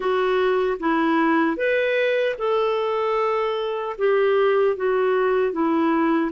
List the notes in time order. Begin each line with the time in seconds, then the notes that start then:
0.00 F#4
0.79 E4
1.56 B4
2.38 A4
3.98 G4
4.76 F#4
5.52 E4